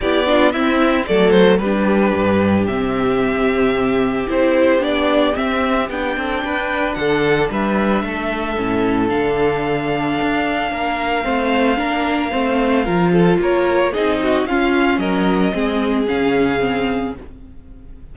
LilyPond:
<<
  \new Staff \with { instrumentName = "violin" } { \time 4/4 \tempo 4 = 112 d''4 e''4 d''8 c''8 b'4~ | b'4 e''2. | c''4 d''4 e''4 g''4~ | g''4 fis''4 e''2~ |
e''4 f''2.~ | f''1~ | f''4 cis''4 dis''4 f''4 | dis''2 f''2 | }
  \new Staff \with { instrumentName = "violin" } { \time 4/4 g'8 f'8 e'4 a'4 g'4~ | g'1~ | g'2.~ g'8 a'8 | b'4 a'4 b'4 a'4~ |
a'1 | ais'4 c''4 ais'4 c''4 | ais'8 a'8 ais'4 gis'8 fis'8 f'4 | ais'4 gis'2. | }
  \new Staff \with { instrumentName = "viola" } { \time 4/4 e'8 d'8 c'4 a4 d'4~ | d'4 c'2. | e'4 d'4 c'4 d'4~ | d'1 |
cis'4 d'2.~ | d'4 c'4 d'4 c'4 | f'2 dis'4 cis'4~ | cis'4 c'4 cis'4 c'4 | }
  \new Staff \with { instrumentName = "cello" } { \time 4/4 b4 c'4 fis4 g4 | g,4 c2. | c'4 b4 c'4 b8 c'8 | d'4 d4 g4 a4 |
a,4 d2 d'4 | ais4 a4 ais4 a4 | f4 ais4 c'4 cis'4 | fis4 gis4 cis2 | }
>>